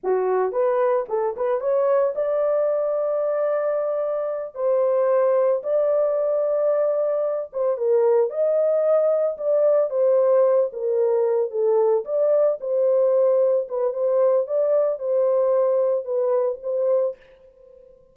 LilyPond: \new Staff \with { instrumentName = "horn" } { \time 4/4 \tempo 4 = 112 fis'4 b'4 a'8 b'8 cis''4 | d''1~ | d''8 c''2 d''4.~ | d''2 c''8 ais'4 dis''8~ |
dis''4. d''4 c''4. | ais'4. a'4 d''4 c''8~ | c''4. b'8 c''4 d''4 | c''2 b'4 c''4 | }